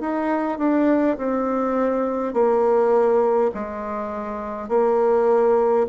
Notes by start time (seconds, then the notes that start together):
0.00 D#4
0.58 D4
1.18 C4
2.33 A#3
3.55 G#3
4.69 A#3